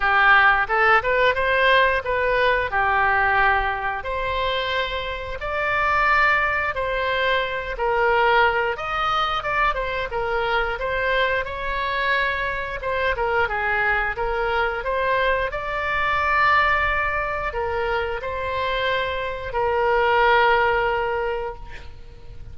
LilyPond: \new Staff \with { instrumentName = "oboe" } { \time 4/4 \tempo 4 = 89 g'4 a'8 b'8 c''4 b'4 | g'2 c''2 | d''2 c''4. ais'8~ | ais'4 dis''4 d''8 c''8 ais'4 |
c''4 cis''2 c''8 ais'8 | gis'4 ais'4 c''4 d''4~ | d''2 ais'4 c''4~ | c''4 ais'2. | }